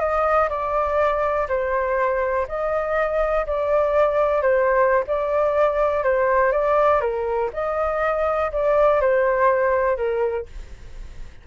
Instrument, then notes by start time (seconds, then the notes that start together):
flute
0.00 D#5
0.49 D5
1.49 C5
2.48 D#5
3.47 D5
4.42 C5
5.08 D5
6.04 C5
6.52 D5
7.01 A#4
7.54 D#5
8.52 D5
9.01 C5
9.97 A#4